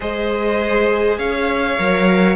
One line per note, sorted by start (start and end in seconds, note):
0.00 1.18 G#3
0.00 1.77 G#4
0.00 1.18 C5
0.00 1.18 D#5
1.18 1.77 C#4
1.18 2.35 C#5
1.18 2.35 F5
1.78 2.35 F#3
1.78 2.35 A#4